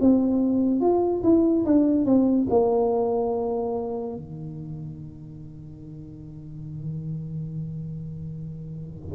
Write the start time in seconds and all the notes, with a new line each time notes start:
0.00 C4
0.81 F4
1.23 E4
1.65 D4
2.05 C4
2.50 A#3
4.16 D#3